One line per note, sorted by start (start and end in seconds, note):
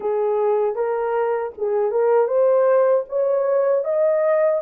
0.00 0.75 G#4
0.75 1.52 A#4
1.57 1.91 G#4
1.91 2.27 A#4
2.27 3.04 C5
3.08 3.84 C#5
3.84 4.61 D#5